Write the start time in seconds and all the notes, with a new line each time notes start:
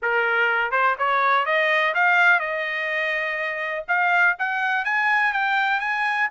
0.02 A#4
0.71 C5
0.98 C#5
1.45 D#5
1.94 F5
2.39 D#5
3.88 F5
4.38 F#5
4.84 G#5
5.32 G5
5.80 G#5